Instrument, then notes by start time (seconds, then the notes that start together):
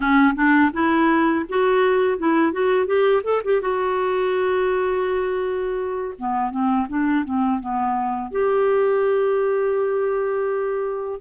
clarinet
0.00 C#4
0.35 D4
0.73 E4
1.48 F#4
2.18 E4
2.52 F#4
2.86 G4
3.23 A4
3.44 G4
3.61 F#4
6.18 B3
6.51 C4
6.88 D4
7.24 C4
7.59 B3
8.31 G4